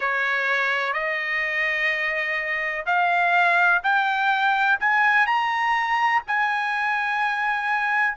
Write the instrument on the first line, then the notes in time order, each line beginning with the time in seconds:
trumpet
0.00 C#5
0.93 D#5
2.86 F5
3.83 G5
4.80 G#5
5.26 A#5
6.27 G#5